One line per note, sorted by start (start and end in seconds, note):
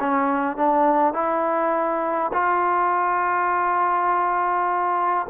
0.00 0.57 C#4
0.57 1.14 D4
1.14 2.31 E4
2.33 5.27 F4